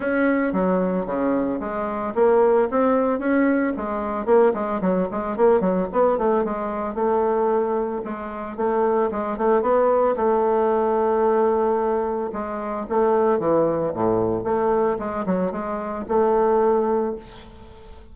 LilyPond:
\new Staff \with { instrumentName = "bassoon" } { \time 4/4 \tempo 4 = 112 cis'4 fis4 cis4 gis4 | ais4 c'4 cis'4 gis4 | ais8 gis8 fis8 gis8 ais8 fis8 b8 a8 | gis4 a2 gis4 |
a4 gis8 a8 b4 a4~ | a2. gis4 | a4 e4 a,4 a4 | gis8 fis8 gis4 a2 | }